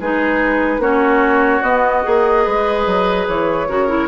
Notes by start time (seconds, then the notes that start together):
0.00 G#3 D#4 G#4 B4
0.78 A#3 C#4 F#4 C#5
1.62 B3 D#5
2.03 A#3 G#4
2.44 G#3 B4
2.86 F#3
3.27 E3 C#5
3.67 C#3 F#4 A#4
3.88 E4